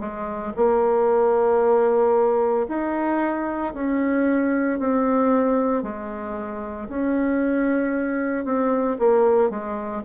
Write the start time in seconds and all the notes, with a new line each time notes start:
0.00 G#3
0.56 A#3
2.68 D#4
3.74 C#4
4.79 C4
5.82 G#3
6.89 C#4
8.44 C4
8.99 A#3
9.50 G#3